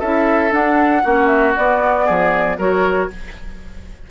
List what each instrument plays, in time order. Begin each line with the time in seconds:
0.00 bassoon C#4, clarinet E4, oboe A4, flute E5
0.51 clarinet D4, bassoon D4, flute F#5
1.04 bassoon A#3, clarinet C#4, oboe F#4
1.27 flute E5
1.57 clarinet B3, bassoon B3, flute D5
2.06 bassoon F3, oboe G#4
2.59 bassoon F#3, clarinet F#4, oboe A#4, flute C#5